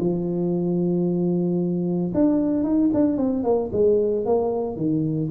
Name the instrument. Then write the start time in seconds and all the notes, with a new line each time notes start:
tuba
0.00 F3
2.14 D4
2.64 D#4
2.94 D4
3.18 C4
3.44 A#3
3.73 G#3
4.26 A#3
4.76 D#3